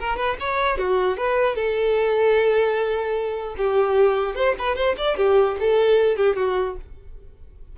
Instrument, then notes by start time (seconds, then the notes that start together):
violin
0.00 A#4
0.17 B4
0.40 C#5
0.78 F#4
1.18 B4
1.56 A4
3.58 G4
4.35 C5
4.59 B4
4.76 C5
4.98 D5
5.17 G4
5.60 A4
6.17 G4
6.36 F#4